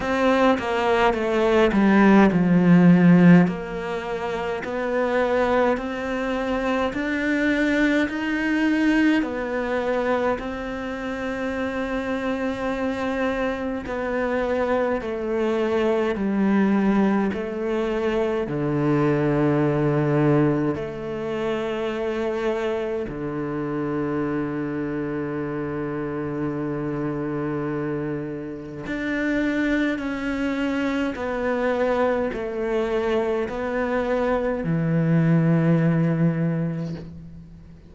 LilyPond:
\new Staff \with { instrumentName = "cello" } { \time 4/4 \tempo 4 = 52 c'8 ais8 a8 g8 f4 ais4 | b4 c'4 d'4 dis'4 | b4 c'2. | b4 a4 g4 a4 |
d2 a2 | d1~ | d4 d'4 cis'4 b4 | a4 b4 e2 | }